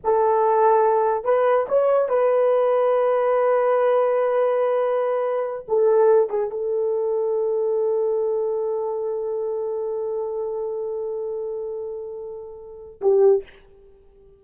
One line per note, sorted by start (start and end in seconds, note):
0.04 1.24 A4
1.24 1.66 B4
1.68 2.08 C#5
2.08 5.65 B4
5.68 6.29 A4
6.29 6.50 G#4
6.50 13.01 A4
13.01 13.43 G4